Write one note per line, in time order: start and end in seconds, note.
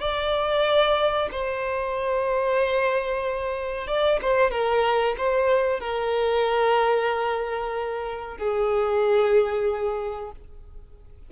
0.00 1.29 D5
1.32 3.88 C5
3.88 4.20 D5
4.22 4.51 C5
4.51 5.16 A#4
5.18 5.80 C5
5.80 8.38 A#4
8.38 10.32 G#4